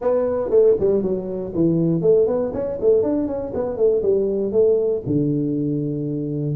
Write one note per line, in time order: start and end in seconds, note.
0.01 0.50 B3
0.50 0.75 A3
0.79 1.02 G3
1.02 1.52 F#3
1.54 2.01 E3
2.01 2.26 A3
2.26 2.52 B3
2.53 2.78 C#4
2.80 3.02 A3
3.02 3.27 D4
3.27 3.52 C#4
3.54 3.76 B3
3.76 4.02 A3
4.02 4.51 G3
4.51 5.02 A3
5.06 6.56 D3